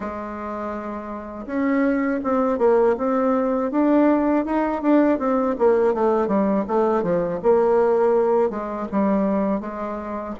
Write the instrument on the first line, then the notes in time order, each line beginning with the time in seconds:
bassoon
0.00 G#3
1.46 C#4
2.23 C4
2.58 A#3
2.97 C4
3.71 D4
4.45 D#4
4.82 D4
5.18 C4
5.58 A#3
5.94 A3
6.27 G3
6.67 A3
7.02 F3
7.43 A#3
8.50 G#3
8.91 G3
9.60 G#3